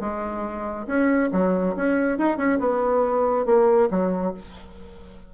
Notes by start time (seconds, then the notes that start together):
0.00 G#3
0.87 C#4
1.32 F#3
1.76 C#4
2.18 D#4
2.37 C#4
2.59 B3
3.46 A#3
3.90 F#3